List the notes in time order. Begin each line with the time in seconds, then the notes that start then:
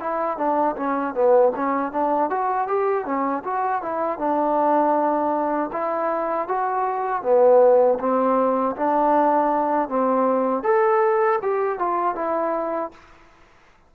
0.00 E4
0.38 D4
0.76 C#4
1.14 B3
1.56 C#4
1.92 D4
2.30 F#4
2.68 G4
3.05 C#4
3.44 F#4
3.82 E4
4.18 D4
5.72 E4
6.48 F#4
7.23 B3
8.00 C4
8.76 D4
9.89 C4
10.63 A4
11.42 G4
11.79 F4
12.15 E4